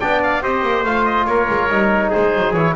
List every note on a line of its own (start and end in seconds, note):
0.00 0.43 B3
0.00 0.43 D4
0.00 0.43 D5
0.00 0.22 G5
0.23 0.44 F5
0.43 0.63 C4
0.43 0.85 G4
0.43 1.28 C5
0.43 0.86 D#5
0.63 0.84 A#3
0.84 1.26 A3
0.84 1.71 F4
0.84 1.05 F5
1.05 1.26 D#5
1.26 1.48 A#3
1.26 2.10 A#4
1.26 2.11 C#5
1.50 1.69 G#3
1.69 2.11 G3
1.69 2.56 D#4
2.10 2.74 G#4
2.10 2.54 C5
2.16 2.35 G#3
2.35 2.54 F#3
2.54 2.75 E3
2.54 2.76 E4
2.54 2.75 C#5